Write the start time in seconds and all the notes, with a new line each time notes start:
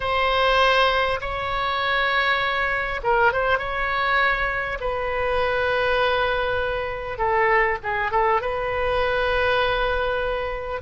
0.00 C5
1.20 C#5
3.03 A#4
3.32 C5
3.58 C#5
4.80 B4
7.18 A4
7.83 G#4
8.11 A4
8.41 B4